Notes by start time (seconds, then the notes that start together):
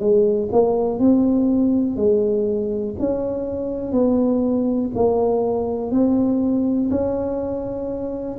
0.00 G#3
0.52 A#3
1.00 C4
1.97 G#3
3.00 C#4
3.93 B3
4.95 A#3
5.92 C4
6.91 C#4